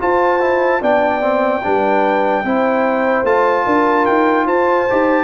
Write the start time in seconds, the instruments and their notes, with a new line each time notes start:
0.00 trombone F4, tuba F4, horn C5, trumpet A5
0.40 trombone E4
0.82 tuba B3, trombone D4, horn D5, trumpet G5
1.21 trombone C4
1.64 tuba G3, trombone D4, horn B4
2.44 tuba C4, trombone E4, horn C5
3.24 tuba A3, trombone F4, trumpet A5
3.66 tuba D4, horn A#4
4.06 tuba D#4, trumpet G5
4.46 tuba F4, horn C5, trumpet A5
4.90 tuba D#4, trombone G4